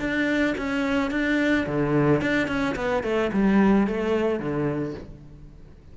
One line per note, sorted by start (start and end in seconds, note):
0.00 0.55 D4
0.58 1.11 C#4
1.11 1.66 D4
1.67 2.21 D3
2.21 2.48 D4
2.48 2.75 C#4
2.76 3.04 B3
3.04 3.31 A3
3.33 3.88 G3
3.88 4.40 A3
4.40 4.95 D3